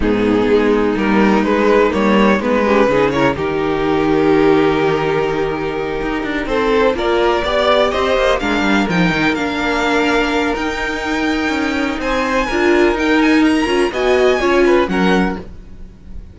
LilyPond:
<<
  \new Staff \with { instrumentName = "violin" } { \time 4/4 \tempo 4 = 125 gis'2 ais'4 b'4 | cis''4 b'4. cis''8 ais'4~ | ais'1~ | ais'4. c''4 d''4.~ |
d''8 dis''4 f''4 g''4 f''8~ | f''2 g''2~ | g''4 gis''2 g''8 gis''8 | ais''4 gis''2 fis''4 | }
  \new Staff \with { instrumentName = "violin" } { \time 4/4 dis'1~ | dis'4. g'8 gis'8 ais'8 g'4~ | g'1~ | g'4. a'4 ais'4 d''8~ |
d''8 c''4 ais'2~ ais'8~ | ais'1~ | ais'4 c''4 ais'2~ | ais'4 dis''4 cis''8 b'8 ais'4 | }
  \new Staff \with { instrumentName = "viola" } { \time 4/4 b2 ais4 gis4 | ais4 b8 cis'8 dis'8 e'8 dis'4~ | dis'1~ | dis'2~ dis'8 f'4 g'8~ |
g'4. d'4 dis'4 d'8~ | d'2 dis'2~ | dis'2 f'4 dis'4~ | dis'8 f'8 fis'4 f'4 cis'4 | }
  \new Staff \with { instrumentName = "cello" } { \time 4/4 gis,4 gis4 g4 gis4 | g4 gis4 cis4 dis4~ | dis1~ | dis8 dis'8 d'8 c'4 ais4 b8~ |
b8 c'8 ais8 gis8 g8 f8 dis8 ais8~ | ais2 dis'2 | cis'4 c'4 d'4 dis'4~ | dis'8 cis'8 b4 cis'4 fis4 | }
>>